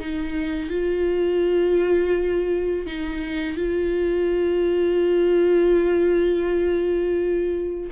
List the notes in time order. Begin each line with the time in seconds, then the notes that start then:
0.00 D#4
0.70 F4
2.87 D#4
3.57 F4